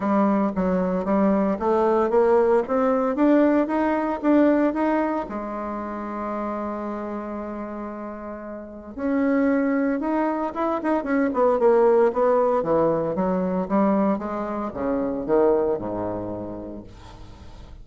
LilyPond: \new Staff \with { instrumentName = "bassoon" } { \time 4/4 \tempo 4 = 114 g4 fis4 g4 a4 | ais4 c'4 d'4 dis'4 | d'4 dis'4 gis2~ | gis1~ |
gis4 cis'2 dis'4 | e'8 dis'8 cis'8 b8 ais4 b4 | e4 fis4 g4 gis4 | cis4 dis4 gis,2 | }